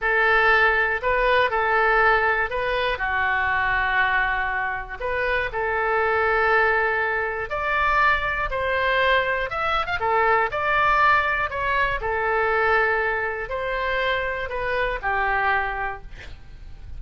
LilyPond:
\new Staff \with { instrumentName = "oboe" } { \time 4/4 \tempo 4 = 120 a'2 b'4 a'4~ | a'4 b'4 fis'2~ | fis'2 b'4 a'4~ | a'2. d''4~ |
d''4 c''2 e''8. f''16 | a'4 d''2 cis''4 | a'2. c''4~ | c''4 b'4 g'2 | }